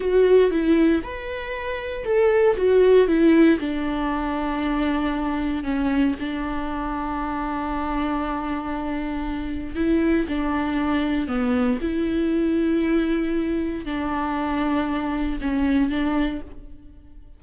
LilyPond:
\new Staff \with { instrumentName = "viola" } { \time 4/4 \tempo 4 = 117 fis'4 e'4 b'2 | a'4 fis'4 e'4 d'4~ | d'2. cis'4 | d'1~ |
d'2. e'4 | d'2 b4 e'4~ | e'2. d'4~ | d'2 cis'4 d'4 | }